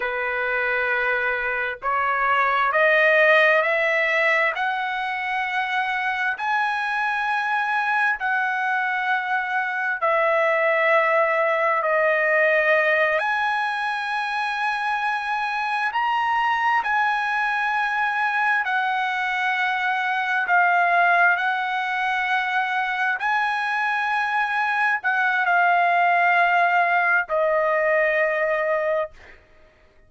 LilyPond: \new Staff \with { instrumentName = "trumpet" } { \time 4/4 \tempo 4 = 66 b'2 cis''4 dis''4 | e''4 fis''2 gis''4~ | gis''4 fis''2 e''4~ | e''4 dis''4. gis''4.~ |
gis''4. ais''4 gis''4.~ | gis''8 fis''2 f''4 fis''8~ | fis''4. gis''2 fis''8 | f''2 dis''2 | }